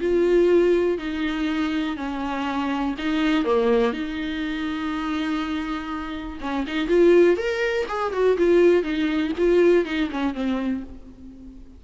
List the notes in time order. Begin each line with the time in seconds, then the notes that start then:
0.00 F4
0.98 D#4
1.97 C#4
2.98 D#4
3.44 A#3
3.93 D#4
6.41 C#4
6.67 D#4
6.88 F4
7.37 A#4
7.88 G#4
8.12 F#4
8.37 F4
8.83 D#4
9.38 F4
9.85 D#4
10.11 C#4
10.34 C4